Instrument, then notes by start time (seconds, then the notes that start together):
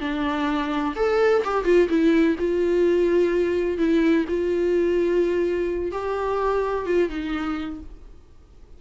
viola
0.00 D4
0.96 A4
1.44 G4
1.64 F4
1.89 E4
2.39 F4
3.78 E4
4.28 F4
5.91 G4
6.86 F4
7.09 D#4